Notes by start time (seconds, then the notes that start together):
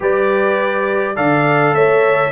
0.00 G3 G4 B4 D5
1.15 D3 A4 D5 F5
1.73 A3 C#5 E5